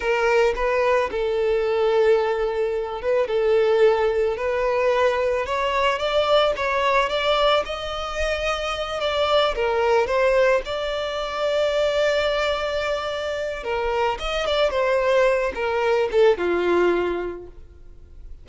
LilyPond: \new Staff \with { instrumentName = "violin" } { \time 4/4 \tempo 4 = 110 ais'4 b'4 a'2~ | a'4. b'8 a'2 | b'2 cis''4 d''4 | cis''4 d''4 dis''2~ |
dis''8 d''4 ais'4 c''4 d''8~ | d''1~ | d''4 ais'4 dis''8 d''8 c''4~ | c''8 ais'4 a'8 f'2 | }